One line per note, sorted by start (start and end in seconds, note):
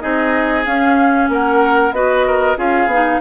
0.00 0.66 C4
0.00 0.64 D#4
0.00 1.30 G#4
0.00 0.64 D#5
0.65 1.28 C#4
0.65 1.94 C#4
0.65 1.29 F5
1.28 1.91 A#3
1.28 1.95 A#4
1.28 1.93 F#5
1.91 2.55 B3
1.91 2.56 F#4
1.91 2.27 B4
1.91 2.57 D#5
2.27 2.58 A#4
2.56 2.86 C#4
2.56 2.88 F4
2.56 3.21 G#4
2.56 3.21 F5
2.86 3.18 B3
2.86 3.21 D#4